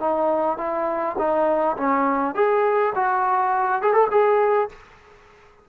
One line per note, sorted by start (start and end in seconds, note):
0.00 0.58 D#4
0.58 1.16 E4
1.18 1.77 D#4
1.77 2.35 C#4
2.35 2.93 G#4
2.95 3.82 F#4
3.82 3.93 G#4
3.93 4.08 A4
4.11 4.69 G#4